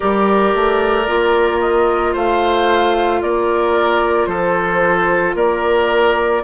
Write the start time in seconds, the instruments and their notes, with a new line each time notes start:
0.00 bassoon G3, clarinet G4, oboe A#4, flute D5
0.54 bassoon A3
1.06 bassoon A#3, clarinet F4
1.60 flute D#5
2.12 bassoon A3, oboe C5, flute F5
3.22 bassoon A#3, oboe A#4, flute D5
4.26 bassoon F3, oboe A4, flute C5
5.34 bassoon A#3, oboe A#4, flute D5